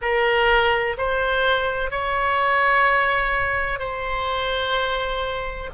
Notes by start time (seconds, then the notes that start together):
0.01 A#4
0.97 C5
1.90 C#5
3.79 C5